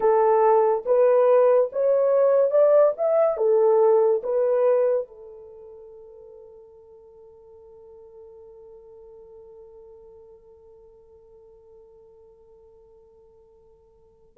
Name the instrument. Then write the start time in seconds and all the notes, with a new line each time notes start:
horn
0.00 A4
0.85 B4
1.72 C#5
2.50 D5
2.97 E5
3.36 A4
4.23 B4
5.07 A4